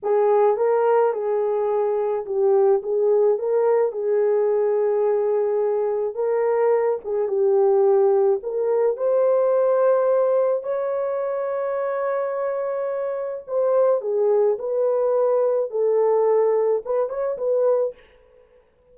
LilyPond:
\new Staff \with { instrumentName = "horn" } { \time 4/4 \tempo 4 = 107 gis'4 ais'4 gis'2 | g'4 gis'4 ais'4 gis'4~ | gis'2. ais'4~ | ais'8 gis'8 g'2 ais'4 |
c''2. cis''4~ | cis''1 | c''4 gis'4 b'2 | a'2 b'8 cis''8 b'4 | }